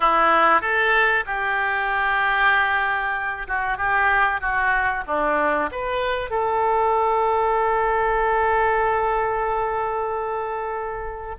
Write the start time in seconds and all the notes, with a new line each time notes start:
0.00 E4
0.61 A4
1.26 G4
3.47 F#4
3.77 G4
4.40 F#4
5.06 D4
5.71 B4
6.30 A4